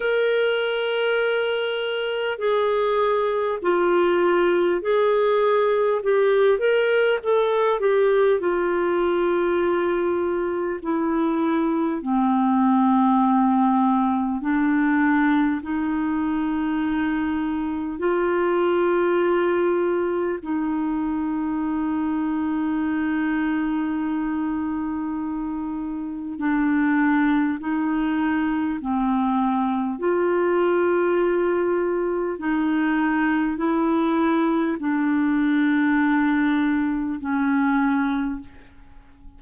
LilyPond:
\new Staff \with { instrumentName = "clarinet" } { \time 4/4 \tempo 4 = 50 ais'2 gis'4 f'4 | gis'4 g'8 ais'8 a'8 g'8 f'4~ | f'4 e'4 c'2 | d'4 dis'2 f'4~ |
f'4 dis'2.~ | dis'2 d'4 dis'4 | c'4 f'2 dis'4 | e'4 d'2 cis'4 | }